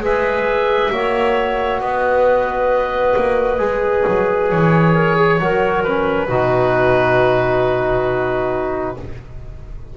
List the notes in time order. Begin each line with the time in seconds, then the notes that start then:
0.00 G#3 G#4 B4 E5
0.91 A#3 F#4 C#5
1.80 B3 B4 D#5
3.16 A#3
3.58 G#3 G#4
4.07 F#3
4.50 E3 C#5
4.93 A#4
5.16 G#4
5.39 F#3 F#4 A#4
5.83 C#4 B4
6.28 B2 D#4 F#4